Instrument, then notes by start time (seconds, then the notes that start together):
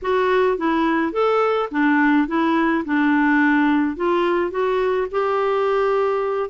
clarinet
0.02 F#4
0.57 E4
1.12 A4
1.71 D4
2.27 E4
2.85 D4
3.96 F4
4.50 F#4
5.11 G4